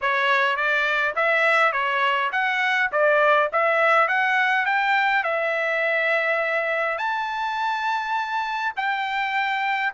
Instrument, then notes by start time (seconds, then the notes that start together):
trumpet
0.01 C#5
0.56 D5
1.15 E5
1.72 C#5
2.32 F#5
2.92 D5
3.52 E5
4.08 F#5
4.65 G5
5.23 E5
6.97 A5
8.76 G5